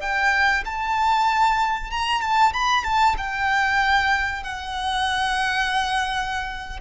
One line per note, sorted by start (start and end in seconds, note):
0.00 0.63 G5
0.65 1.90 A5
1.90 2.21 A#5
2.21 2.52 A5
2.53 2.84 B5
2.84 3.15 A5
3.17 4.43 G5
4.43 6.80 F#5